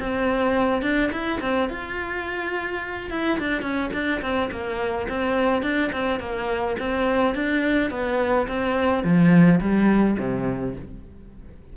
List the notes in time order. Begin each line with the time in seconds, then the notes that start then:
0.00 C4
0.82 D4
1.12 E4
1.42 C4
1.70 F4
3.11 E4
3.40 D4
3.62 C#4
3.93 D4
4.22 C4
4.52 A#3
5.09 C4
5.63 D4
5.93 C4
6.20 A#3
6.80 C4
7.35 D4
7.91 B3
8.48 C4
9.04 F3
9.61 G3
10.19 C3